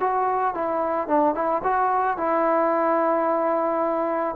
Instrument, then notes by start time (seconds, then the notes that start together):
trombone
0.00 F#4
0.55 E4
1.08 D4
1.35 E4
1.64 F#4
2.17 E4